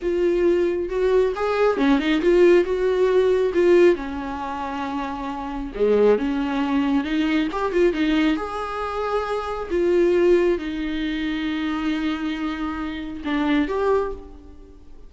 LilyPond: \new Staff \with { instrumentName = "viola" } { \time 4/4 \tempo 4 = 136 f'2 fis'4 gis'4 | cis'8 dis'8 f'4 fis'2 | f'4 cis'2.~ | cis'4 gis4 cis'2 |
dis'4 g'8 f'8 dis'4 gis'4~ | gis'2 f'2 | dis'1~ | dis'2 d'4 g'4 | }